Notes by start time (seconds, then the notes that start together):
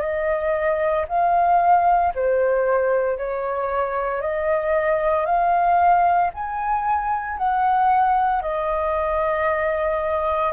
0.00 D#5
1.08 F5
2.14 C5
3.17 C#5
4.21 D#5
5.25 F5
6.33 G#5
7.37 F#5
8.42 D#5